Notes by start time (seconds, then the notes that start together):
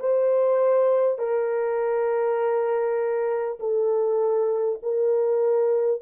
0.00 C5
1.18 A#4
3.59 A4
4.83 A#4